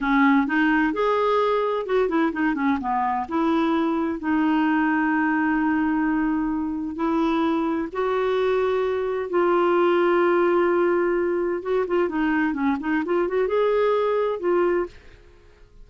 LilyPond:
\new Staff \with { instrumentName = "clarinet" } { \time 4/4 \tempo 4 = 129 cis'4 dis'4 gis'2 | fis'8 e'8 dis'8 cis'8 b4 e'4~ | e'4 dis'2.~ | dis'2. e'4~ |
e'4 fis'2. | f'1~ | f'4 fis'8 f'8 dis'4 cis'8 dis'8 | f'8 fis'8 gis'2 f'4 | }